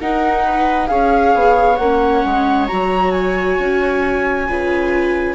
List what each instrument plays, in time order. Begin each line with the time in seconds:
0.00 viola D#4 A#4, bassoon D#4, flute F#5
0.45 viola B4
0.87 bassoon C#4, viola G#4 C#5, flute F5
1.35 bassoon B3
1.76 bassoon A#3, viola C#4, flute F#5
2.25 bassoon G#3
2.67 bassoon F#3, viola F#4, flute A#5
3.11 flute G#5
3.59 bassoon C#4
4.49 bassoon C#3, viola F4 B4